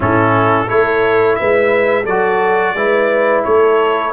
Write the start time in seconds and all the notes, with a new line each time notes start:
0.00 A2 C#4 E4 A4
0.66 A3 E4 A4 C#5
1.35 G#3 B4 E5
2.03 F#3 A4 D5
2.09 F#4
2.74 G#3 E4 B4
3.44 A3 A4 C#5